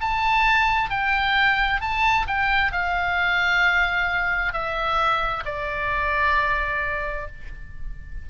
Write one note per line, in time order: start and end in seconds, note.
0.00 0.90 A5
0.90 1.81 G5
1.81 2.26 A5
2.27 2.72 G5
2.72 4.52 F5
4.52 5.43 E5
5.45 7.27 D5